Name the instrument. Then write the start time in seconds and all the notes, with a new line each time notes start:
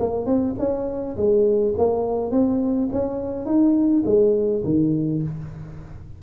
tuba
0.00 A#3
0.26 C4
0.59 C#4
1.17 G#3
1.78 A#3
2.32 C4
2.93 C#4
3.46 D#4
4.06 G#3
4.65 D#3